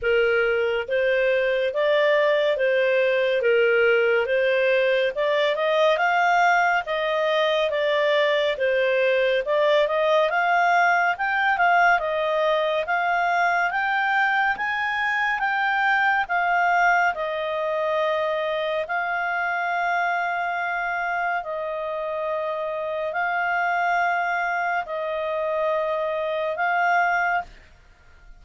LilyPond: \new Staff \with { instrumentName = "clarinet" } { \time 4/4 \tempo 4 = 70 ais'4 c''4 d''4 c''4 | ais'4 c''4 d''8 dis''8 f''4 | dis''4 d''4 c''4 d''8 dis''8 | f''4 g''8 f''8 dis''4 f''4 |
g''4 gis''4 g''4 f''4 | dis''2 f''2~ | f''4 dis''2 f''4~ | f''4 dis''2 f''4 | }